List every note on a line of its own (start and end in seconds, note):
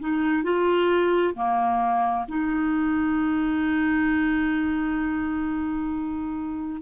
0.00 0.43 D#4
0.43 1.34 F4
1.35 2.26 A#3
2.28 6.81 D#4